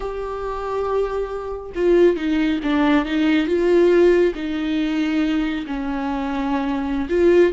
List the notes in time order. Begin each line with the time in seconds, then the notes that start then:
0.00 G4
1.75 F4
2.16 D#4
2.63 D4
3.05 D#4
3.46 F4
4.34 D#4
5.66 C#4
7.09 F4